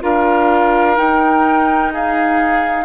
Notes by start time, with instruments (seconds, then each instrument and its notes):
0.00 bassoon D4, clarinet F4, oboe A#4, flute F5
0.95 clarinet D#4, bassoon D#4, flute G5
1.92 oboe G#4, flute F5